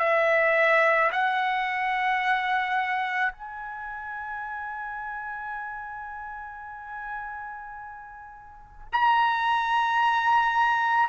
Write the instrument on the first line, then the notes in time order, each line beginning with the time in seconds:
trumpet
0.00 E5
1.12 F#5
3.33 G#5
8.93 A#5